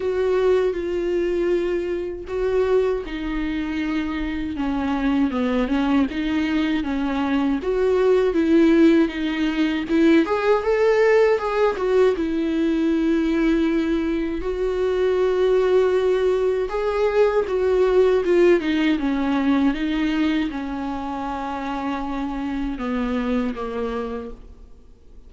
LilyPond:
\new Staff \with { instrumentName = "viola" } { \time 4/4 \tempo 4 = 79 fis'4 f'2 fis'4 | dis'2 cis'4 b8 cis'8 | dis'4 cis'4 fis'4 e'4 | dis'4 e'8 gis'8 a'4 gis'8 fis'8 |
e'2. fis'4~ | fis'2 gis'4 fis'4 | f'8 dis'8 cis'4 dis'4 cis'4~ | cis'2 b4 ais4 | }